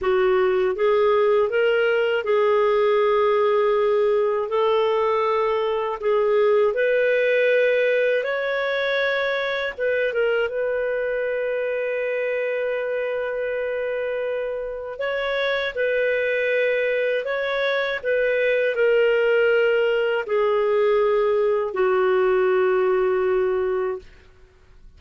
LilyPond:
\new Staff \with { instrumentName = "clarinet" } { \time 4/4 \tempo 4 = 80 fis'4 gis'4 ais'4 gis'4~ | gis'2 a'2 | gis'4 b'2 cis''4~ | cis''4 b'8 ais'8 b'2~ |
b'1 | cis''4 b'2 cis''4 | b'4 ais'2 gis'4~ | gis'4 fis'2. | }